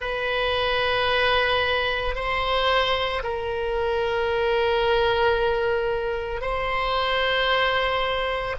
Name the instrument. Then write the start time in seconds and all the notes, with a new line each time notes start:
oboe
0.00 B4
2.15 C5
3.23 A#4
6.41 C5